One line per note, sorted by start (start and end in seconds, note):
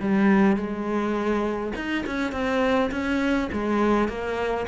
0.00 0.56 G3
0.56 1.73 G#3
1.75 2.04 D#4
2.06 2.32 C#4
2.32 2.90 C4
2.91 3.49 C#4
3.52 4.08 G#3
4.08 4.66 A#3